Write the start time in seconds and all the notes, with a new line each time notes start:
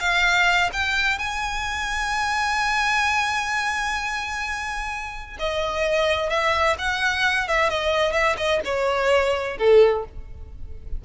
0.00 F5
0.73 G5
1.19 G#5
5.39 D#5
6.30 E5
6.78 F#5
7.48 E5
7.70 D#5
8.12 E5
8.37 D#5
8.65 C#5
9.59 A4